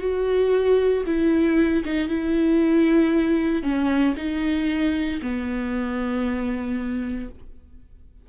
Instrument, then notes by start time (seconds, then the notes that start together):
viola
0.00 F#4
1.06 E4
1.85 D#4
2.08 E4
3.63 C#4
4.17 D#4
5.22 B3